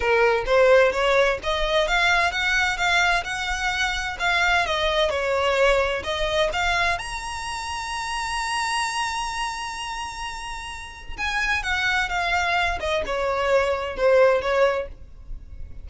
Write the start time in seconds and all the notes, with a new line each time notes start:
0.00 A#4
0.45 C5
0.92 C#5
1.43 D#5
1.87 F5
2.31 F#5
2.77 F5
3.24 F#5
4.19 F5
4.66 D#5
5.10 C#5
6.03 D#5
6.52 F5
6.98 A#5
11.17 G#5
11.62 F#5
12.09 F5
12.80 D#5
13.06 C#5
13.96 C5
14.41 C#5